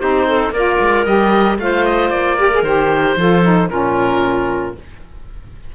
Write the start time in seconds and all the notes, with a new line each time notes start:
0.00 C4 D#4 G4 C5
0.28 A4
0.51 A#3 F4 A#4 D5
0.81 G#3
1.05 G3 G4 D#5
1.59 A3 F4 C5 F5
1.85 D#5
2.10 A#3 D5
2.38 G4 A#4
2.54 G#4
2.63 D#3 G4 C5
3.17 F3 F4 A4
3.43 D#4
3.69 A#2 C#4 F4 A#4